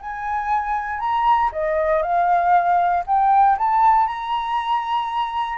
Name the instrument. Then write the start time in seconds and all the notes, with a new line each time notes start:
flute
0.00 G#5
0.99 A#5
1.52 D#5
2.02 F5
3.06 G5
3.58 A5
4.06 A#5